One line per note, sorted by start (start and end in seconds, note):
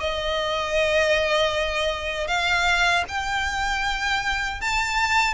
0.00 2.27 D#5
2.27 3.05 F5
3.08 4.61 G5
4.61 5.34 A5